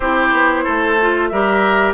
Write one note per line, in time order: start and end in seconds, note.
0.00 0.32 C4
0.00 0.99 E4
0.00 0.64 G4
0.00 1.28 C5
0.32 0.65 B3
0.64 1.31 A3
0.64 1.29 A4
1.00 1.32 F4
1.28 1.94 G3
1.28 1.94 G4
1.28 1.94 A#4
1.28 1.93 E5